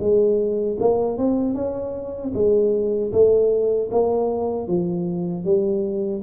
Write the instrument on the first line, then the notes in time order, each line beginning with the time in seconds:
tuba
0.00 G#3
0.80 A#3
1.18 C4
1.55 C#4
2.34 G#3
3.13 A3
3.92 A#3
4.68 F3
5.45 G3